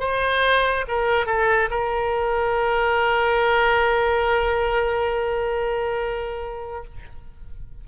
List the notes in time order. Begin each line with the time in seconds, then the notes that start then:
0.00 C5
0.88 A#4
1.27 A4
1.71 A#4